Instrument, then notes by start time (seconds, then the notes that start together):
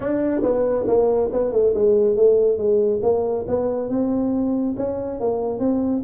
tuba
0.00 D4
0.42 B3
0.87 A#3
1.32 B3
1.52 A3
1.74 G#3
2.16 A3
2.57 G#3
3.02 A#3
3.47 B3
3.89 C4
4.76 C#4
5.20 A#3
5.59 C4